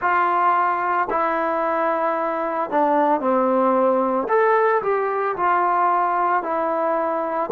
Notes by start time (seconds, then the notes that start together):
0.00 F4
1.10 E4
2.70 D4
3.20 C4
4.28 A4
4.82 G4
5.36 F4
6.42 E4